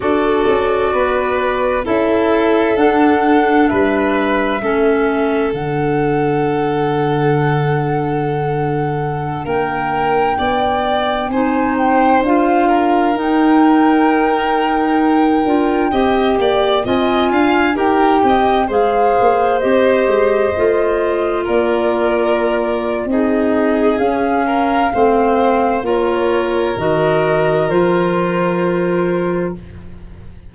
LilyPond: <<
  \new Staff \with { instrumentName = "flute" } { \time 4/4 \tempo 4 = 65 d''2 e''4 fis''4 | e''2 fis''2~ | fis''2~ fis''16 g''4.~ g''16~ | g''16 gis''8 g''8 f''4 g''4.~ g''16~ |
g''2~ g''16 gis''4 g''8.~ | g''16 f''4 dis''2 d''8.~ | d''4 dis''4 f''2 | cis''4 dis''4 c''2 | }
  \new Staff \with { instrumentName = "violin" } { \time 4/4 a'4 b'4 a'2 | b'4 a'2.~ | a'2~ a'16 ais'4 d''8.~ | d''16 c''4. ais'2~ ais'16~ |
ais'4~ ais'16 dis''8 d''8 dis''8 f''8 ais'8 dis''16~ | dis''16 c''2. ais'8.~ | ais'4 gis'4. ais'8 c''4 | ais'1 | }
  \new Staff \with { instrumentName = "clarinet" } { \time 4/4 fis'2 e'4 d'4~ | d'4 cis'4 d'2~ | d'1~ | d'16 dis'4 f'4 dis'4.~ dis'16~ |
dis'8. f'8 g'4 f'4 g'8.~ | g'16 gis'4 g'4 f'4.~ f'16~ | f'4 dis'4 cis'4 c'4 | f'4 fis'4 f'2 | }
  \new Staff \with { instrumentName = "tuba" } { \time 4/4 d'8 cis'8 b4 cis'4 d'4 | g4 a4 d2~ | d2~ d16 ais4 b8.~ | b16 c'4 d'4 dis'4.~ dis'16~ |
dis'8. d'8 c'8 ais8 c'8 d'8 dis'8 c'16~ | c'16 gis8 ais8 c'8 gis8 a4 ais8.~ | ais4 c'4 cis'4 a4 | ais4 dis4 f2 | }
>>